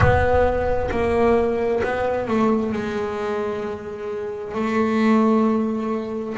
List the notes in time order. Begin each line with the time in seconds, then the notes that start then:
0.00 B3
0.90 A#3
1.83 B3
2.27 A3
2.72 G#3
4.54 A3